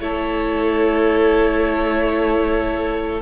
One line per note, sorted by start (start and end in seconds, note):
0.00 3.21 A3
0.00 3.22 E4
0.00 3.22 A4
0.00 3.22 C#5